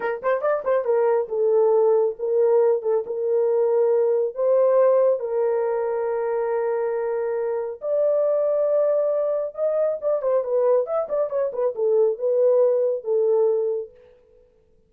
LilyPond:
\new Staff \with { instrumentName = "horn" } { \time 4/4 \tempo 4 = 138 ais'8 c''8 d''8 c''8 ais'4 a'4~ | a'4 ais'4. a'8 ais'4~ | ais'2 c''2 | ais'1~ |
ais'2 d''2~ | d''2 dis''4 d''8 c''8 | b'4 e''8 d''8 cis''8 b'8 a'4 | b'2 a'2 | }